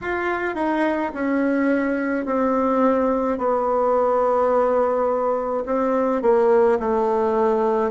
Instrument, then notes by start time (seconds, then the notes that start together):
bassoon
0.01 F4
0.55 D#4
1.13 C#4
2.25 C4
3.38 B3
5.66 C4
6.22 A#3
6.79 A3